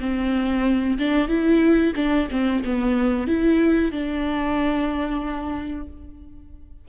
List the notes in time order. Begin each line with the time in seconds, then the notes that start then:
0.00 C4
0.98 D4
1.28 E4
1.96 D4
2.31 C4
2.64 B3
3.27 E4
3.92 D4